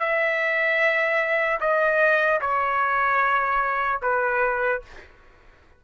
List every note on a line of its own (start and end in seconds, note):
0.00 1.60 E5
1.60 2.40 D#5
2.41 4.01 C#5
4.02 4.82 B4